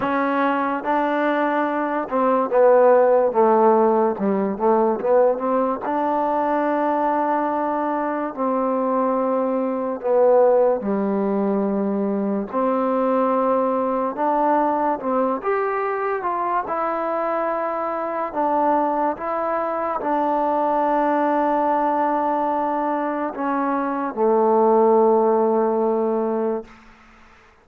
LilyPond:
\new Staff \with { instrumentName = "trombone" } { \time 4/4 \tempo 4 = 72 cis'4 d'4. c'8 b4 | a4 g8 a8 b8 c'8 d'4~ | d'2 c'2 | b4 g2 c'4~ |
c'4 d'4 c'8 g'4 f'8 | e'2 d'4 e'4 | d'1 | cis'4 a2. | }